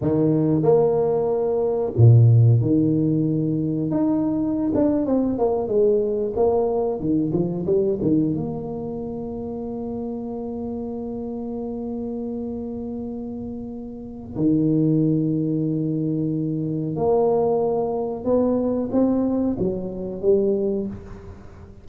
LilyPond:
\new Staff \with { instrumentName = "tuba" } { \time 4/4 \tempo 4 = 92 dis4 ais2 ais,4 | dis2 dis'4~ dis'16 d'8 c'16~ | c'16 ais8 gis4 ais4 dis8 f8 g16~ | g16 dis8 ais2.~ ais16~ |
ais1~ | ais2 dis2~ | dis2 ais2 | b4 c'4 fis4 g4 | }